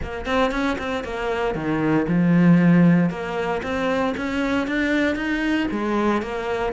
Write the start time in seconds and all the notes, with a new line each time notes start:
0.02 A#3
0.25 C4
0.51 C#4
0.78 C4
1.04 A#3
1.54 D#3
2.08 F3
3.10 A#3
3.62 C4
4.17 C#4
4.67 D4
5.15 D#4
5.71 G#3
6.22 A#3